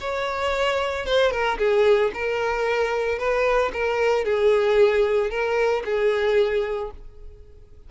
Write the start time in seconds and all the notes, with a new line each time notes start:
0.00 C#5
1.05 C5
1.31 A#4
1.58 G#4
2.13 A#4
3.18 B4
3.73 A#4
4.24 G#4
5.30 A#4
5.85 G#4